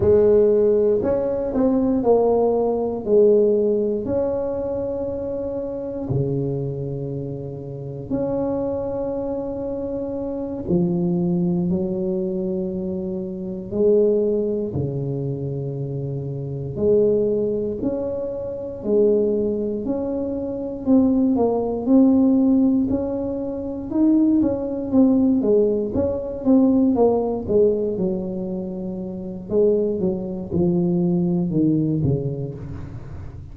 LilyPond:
\new Staff \with { instrumentName = "tuba" } { \time 4/4 \tempo 4 = 59 gis4 cis'8 c'8 ais4 gis4 | cis'2 cis2 | cis'2~ cis'8 f4 fis8~ | fis4. gis4 cis4.~ |
cis8 gis4 cis'4 gis4 cis'8~ | cis'8 c'8 ais8 c'4 cis'4 dis'8 | cis'8 c'8 gis8 cis'8 c'8 ais8 gis8 fis8~ | fis4 gis8 fis8 f4 dis8 cis8 | }